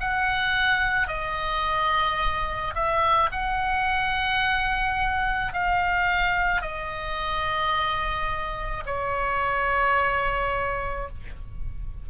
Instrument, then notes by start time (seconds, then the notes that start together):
oboe
0.00 F#5
1.08 D#5
2.75 E5
3.32 F#5
5.53 F5
6.62 D#5
8.86 C#5